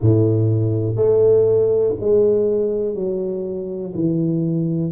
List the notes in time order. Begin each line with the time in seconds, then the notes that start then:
0.00 A2
0.96 A3
2.00 G#3
2.95 F#3
3.94 E3